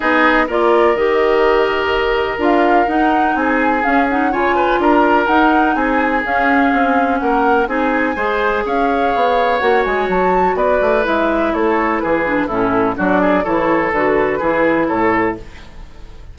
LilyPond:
<<
  \new Staff \with { instrumentName = "flute" } { \time 4/4 \tempo 4 = 125 dis''4 d''4 dis''2~ | dis''4 f''4 fis''4 gis''4 | f''8 fis''8 gis''4 ais''4 fis''4 | gis''4 f''2 fis''4 |
gis''2 f''2 | fis''8 gis''8 a''4 d''4 e''4 | cis''4 b'4 a'4 d''4 | cis''4 b'2 cis''4 | }
  \new Staff \with { instrumentName = "oboe" } { \time 4/4 gis'4 ais'2.~ | ais'2. gis'4~ | gis'4 cis''8 b'8 ais'2 | gis'2. ais'4 |
gis'4 c''4 cis''2~ | cis''2 b'2 | a'4 gis'4 e'4 fis'8 gis'8 | a'2 gis'4 a'4 | }
  \new Staff \with { instrumentName = "clarinet" } { \time 4/4 dis'4 f'4 g'2~ | g'4 f'4 dis'2 | cis'8 dis'8 f'2 dis'4~ | dis'4 cis'2. |
dis'4 gis'2. | fis'2. e'4~ | e'4. d'8 cis'4 d'4 | e'4 fis'4 e'2 | }
  \new Staff \with { instrumentName = "bassoon" } { \time 4/4 b4 ais4 dis2~ | dis4 d'4 dis'4 c'4 | cis'4 cis4 d'4 dis'4 | c'4 cis'4 c'4 ais4 |
c'4 gis4 cis'4 b4 | ais8 gis8 fis4 b8 a8 gis4 | a4 e4 a,4 fis4 | e4 d4 e4 a,4 | }
>>